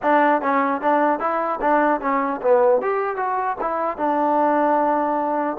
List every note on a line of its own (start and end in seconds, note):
0.02 0.41 D4
0.41 0.81 C#4
0.81 1.19 D4
1.19 1.59 E4
1.61 2.00 D4
2.00 2.40 C#4
2.41 2.81 B3
2.81 3.16 G4
3.16 3.56 F#4
3.60 3.97 E4
3.97 5.57 D4